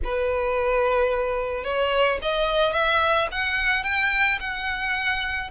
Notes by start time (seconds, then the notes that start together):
0.04 B4
1.63 C#5
2.21 D#5
2.72 E5
3.31 F#5
3.83 G5
4.40 F#5